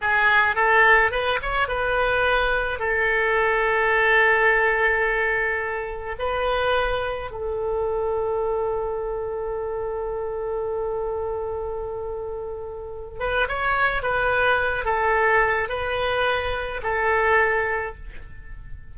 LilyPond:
\new Staff \with { instrumentName = "oboe" } { \time 4/4 \tempo 4 = 107 gis'4 a'4 b'8 cis''8 b'4~ | b'4 a'2.~ | a'2. b'4~ | b'4 a'2.~ |
a'1~ | a'2.~ a'8 b'8 | cis''4 b'4. a'4. | b'2 a'2 | }